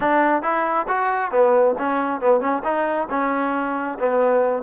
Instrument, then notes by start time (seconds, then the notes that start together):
trombone
0.00 D4
0.42 E4
0.87 F#4
1.31 B3
1.78 C#4
2.20 B3
2.40 C#4
2.64 D#4
3.10 C#4
3.99 B3